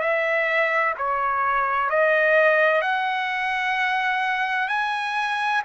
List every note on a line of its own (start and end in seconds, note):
0.00 0.94 E5
0.98 1.90 C#5
1.90 2.81 D#5
2.81 4.68 F#5
4.68 5.62 G#5